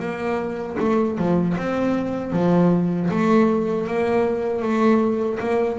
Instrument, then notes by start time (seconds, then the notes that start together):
double bass
0.00 A#3
0.80 A3
1.18 F3
1.58 C4
2.33 F3
3.11 A3
3.87 A#3
4.62 A3
5.40 A#3